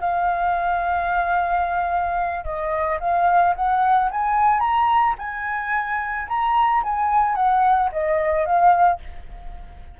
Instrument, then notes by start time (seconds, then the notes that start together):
flute
0.00 F5
2.44 D#5
3.00 F5
3.55 F#5
4.10 G#5
4.60 A#5
5.18 G#5
6.28 A#5
6.83 G#5
7.35 F#5
7.92 D#5
8.45 F5